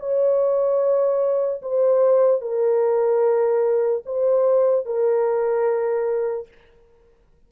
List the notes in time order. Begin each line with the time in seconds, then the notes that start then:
0.00 C#5
1.63 C5
2.42 A#4
4.06 C5
4.86 A#4